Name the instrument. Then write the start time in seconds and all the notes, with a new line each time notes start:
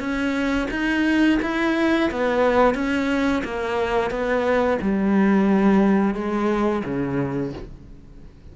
cello
0.00 C#4
0.71 D#4
1.43 E4
2.11 B3
2.75 C#4
3.44 A#3
4.11 B3
4.82 G3
6.15 G#3
6.85 C#3